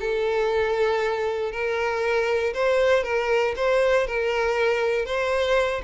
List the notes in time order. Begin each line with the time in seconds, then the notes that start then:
0.00 A4
1.52 A#4
2.54 C5
3.03 A#4
3.56 C5
4.07 A#4
5.05 C5